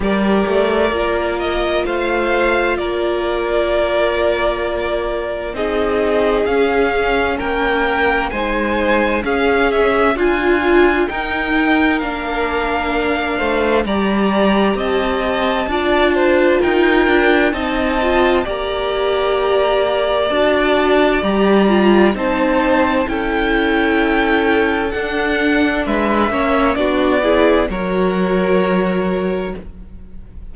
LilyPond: <<
  \new Staff \with { instrumentName = "violin" } { \time 4/4 \tempo 4 = 65 d''4. dis''8 f''4 d''4~ | d''2 dis''4 f''4 | g''4 gis''4 f''8 e''8 gis''4 | g''4 f''2 ais''4 |
a''2 g''4 a''4 | ais''2 a''4 ais''4 | a''4 g''2 fis''4 | e''4 d''4 cis''2 | }
  \new Staff \with { instrumentName = "violin" } { \time 4/4 ais'2 c''4 ais'4~ | ais'2 gis'2 | ais'4 c''4 gis'4 f'4 | ais'2~ ais'8 c''8 d''4 |
dis''4 d''8 c''8 ais'4 dis''4 | d''1 | c''4 a'2. | b'8 cis''8 fis'8 gis'8 ais'2 | }
  \new Staff \with { instrumentName = "viola" } { \time 4/4 g'4 f'2.~ | f'2 dis'4 cis'4~ | cis'4 dis'4 cis'4 f'4 | dis'4 d'2 g'4~ |
g'4 f'2 dis'8 f'8 | g'2 fis'4 g'8 f'8 | dis'4 e'2 d'4~ | d'8 cis'8 d'8 e'8 fis'2 | }
  \new Staff \with { instrumentName = "cello" } { \time 4/4 g8 a8 ais4 a4 ais4~ | ais2 c'4 cis'4 | ais4 gis4 cis'4 d'4 | dis'4 ais4. a8 g4 |
c'4 d'4 dis'8 d'8 c'4 | ais2 d'4 g4 | c'4 cis'2 d'4 | gis8 ais8 b4 fis2 | }
>>